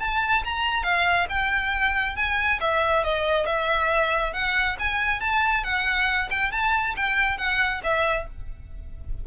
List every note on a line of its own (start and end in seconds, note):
0.00 0.43 A5
0.44 0.83 A#5
0.83 1.27 F5
1.29 2.16 G5
2.16 2.60 G#5
2.61 3.04 E5
3.04 3.46 D#5
3.46 4.33 E5
4.33 4.77 F#5
4.79 5.21 G#5
5.21 5.64 A5
5.64 6.29 F#5
6.31 6.52 G5
6.52 6.95 A5
6.97 7.38 G5
7.38 7.81 F#5
7.84 8.27 E5